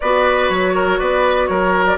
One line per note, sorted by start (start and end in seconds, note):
0.00 0.49 B3
0.00 1.98 F#4
0.00 0.74 B4
0.00 0.49 D5
0.49 0.98 F#3
0.49 0.98 C#5
0.74 0.99 A#4
0.98 1.49 B3
0.98 1.48 B4
0.98 1.46 D5
1.46 1.98 F#3
1.46 1.98 A#4
1.46 1.84 C#5
1.86 1.98 D5